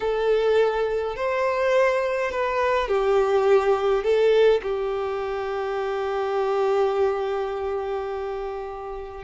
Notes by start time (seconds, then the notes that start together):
0.00 A4
1.15 C5
2.31 B4
2.88 G4
4.03 A4
4.62 G4